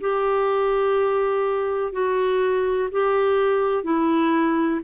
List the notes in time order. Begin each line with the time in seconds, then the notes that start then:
0.00 G4
1.92 F#4
2.91 G4
3.83 E4